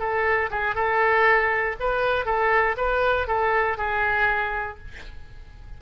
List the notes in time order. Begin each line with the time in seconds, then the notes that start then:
0.00 A4
0.51 G#4
0.75 A4
1.80 B4
2.26 A4
2.78 B4
3.28 A4
3.78 G#4